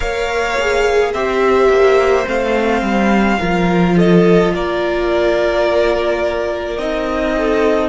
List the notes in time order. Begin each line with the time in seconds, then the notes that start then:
0.00 A#3 A#4 C#5 F5
0.59 G#4
1.13 C4 G4 C5 E5
1.69 A#3
2.25 A3 C4 F5
2.81 G3
3.39 F3 F4 A#4
3.96 A4 D#5
4.53 A#3 A#4 D5
6.77 C4 D#4 D#5
7.36 A4